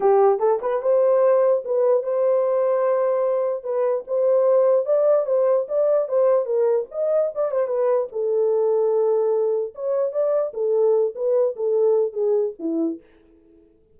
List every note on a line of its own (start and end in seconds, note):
0.00 0.39 G4
0.39 0.59 A4
0.61 0.81 B4
0.82 1.63 C5
1.64 2.03 B4
2.03 3.63 C5
3.63 4.04 B4
4.07 4.85 C5
4.85 5.26 D5
5.26 5.66 C5
5.68 6.08 D5
6.08 6.45 C5
6.45 6.86 A#4
6.91 7.32 D#5
7.34 7.51 D5
7.51 7.67 C5
7.67 8.07 B4
8.11 9.74 A4
9.74 10.11 C#5
10.11 10.52 D5
10.53 11.14 A4
11.15 11.55 B4
11.56 12.13 A4
12.13 12.53 G#4
12.59 13.00 E4